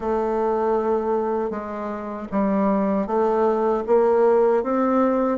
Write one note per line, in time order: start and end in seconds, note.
0.00 1.50 A3
1.50 2.27 G#3
2.31 3.06 G3
3.06 3.83 A3
3.86 4.63 A#3
4.63 5.38 C4